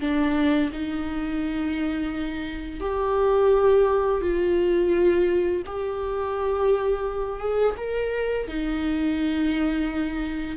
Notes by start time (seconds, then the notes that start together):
0.00 D4
0.73 D#4
2.80 G4
4.21 F4
5.66 G4
7.40 G#4
7.77 A#4
8.48 D#4